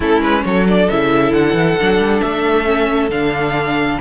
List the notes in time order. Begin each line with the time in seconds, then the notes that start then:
0.00 A3 C#4 E4 A4
0.21 G#3 B4
0.45 F#3 A4 C#5
0.67 D4 D5
0.89 C#3 E4 E5
1.32 D3 F#5
1.53 E3
1.79 F#3 D4
1.98 G3
2.20 A3 E5
2.64 C#4
3.09 D3 D4 F5